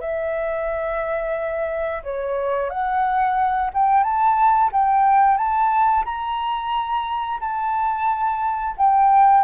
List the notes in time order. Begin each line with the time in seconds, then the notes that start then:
0.00 E5
2.03 C#5
2.69 F#5
3.74 G5
4.03 A5
4.72 G5
5.37 A5
6.05 A#5
7.40 A5
8.77 G5